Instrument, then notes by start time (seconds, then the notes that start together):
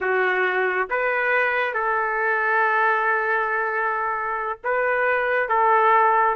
trumpet
0.01 F#4
0.90 B4
1.74 A4
4.63 B4
5.48 A4